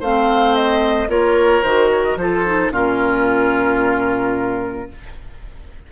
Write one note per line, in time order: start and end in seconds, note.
0.00 1.08 A3
0.00 1.08 C4
0.00 1.08 C5
0.00 0.55 F5
0.55 1.09 D#5
1.08 1.62 A#3
1.08 1.62 F4
1.08 2.18 A#4
1.08 1.62 C#5
1.62 2.16 D#3
1.62 2.19 F#4
1.62 1.89 C5
1.92 2.03 C#5
2.03 2.17 D#5
2.16 2.70 F3
2.16 2.46 F4
2.16 2.72 A4
2.16 2.72 C5
2.46 2.72 D#4
2.71 4.87 A#2
2.71 4.88 C#4
2.71 4.88 F4
2.71 4.91 A#4